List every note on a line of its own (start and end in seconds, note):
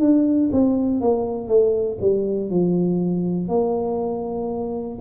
0.00 0.50 D4
0.52 1.01 C4
1.01 1.48 A#3
1.48 1.98 A3
2.00 2.50 G3
2.50 3.49 F3
3.49 4.99 A#3